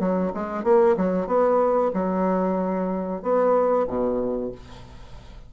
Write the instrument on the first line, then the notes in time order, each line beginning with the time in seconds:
bassoon
0.00 F#3
0.34 G#3
0.64 A#3
0.97 F#3
1.27 B3
1.94 F#3
3.23 B3
3.88 B2